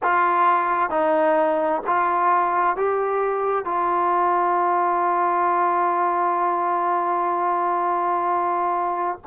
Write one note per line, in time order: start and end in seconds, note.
0.03 0.89 F4
0.89 1.82 D#4
1.87 2.76 F4
2.76 3.65 G4
3.65 9.18 F4